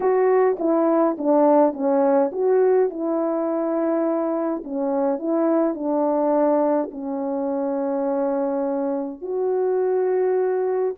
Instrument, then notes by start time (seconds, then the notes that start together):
horn
0.00 F#4
0.59 E4
1.17 D4
1.73 C#4
2.32 F#4
2.90 E4
4.63 C#4
5.18 E4
5.74 D4
6.91 C#4
9.22 F#4